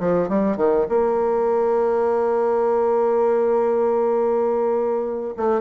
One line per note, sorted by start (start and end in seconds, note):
0.00 0.29 F3
0.29 0.57 G3
0.57 0.87 D#3
0.89 5.35 A#3
5.37 5.62 A3